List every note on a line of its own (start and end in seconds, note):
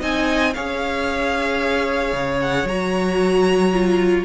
0.00 0.55 C4
0.00 0.53 D#4
0.00 0.53 D#5
0.00 0.54 G#5
0.54 2.13 C#4
0.54 2.69 G#4
0.54 4.25 C#5
0.54 2.40 F5
2.13 2.64 C#3
2.42 2.68 F#5
2.64 4.24 F#3
2.64 3.73 F#4
2.64 4.25 A#5
3.73 4.25 F4